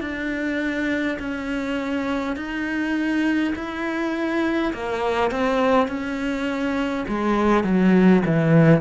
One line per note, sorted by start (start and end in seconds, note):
0.00 1.18 D4
1.19 2.36 C#4
2.36 3.53 D#4
3.55 4.73 E4
4.73 5.30 A#3
5.30 5.88 C4
5.88 7.05 C#4
7.08 7.64 G#3
7.64 8.22 F#3
8.26 8.80 E3